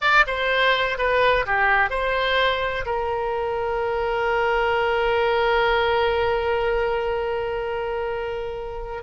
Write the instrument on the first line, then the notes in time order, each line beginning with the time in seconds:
oboe
0.01 D5
0.26 C5
0.98 B4
1.45 G4
1.90 C5
2.85 A#4